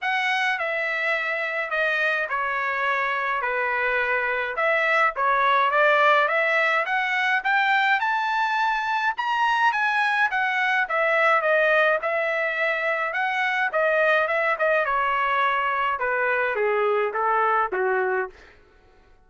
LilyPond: \new Staff \with { instrumentName = "trumpet" } { \time 4/4 \tempo 4 = 105 fis''4 e''2 dis''4 | cis''2 b'2 | e''4 cis''4 d''4 e''4 | fis''4 g''4 a''2 |
ais''4 gis''4 fis''4 e''4 | dis''4 e''2 fis''4 | dis''4 e''8 dis''8 cis''2 | b'4 gis'4 a'4 fis'4 | }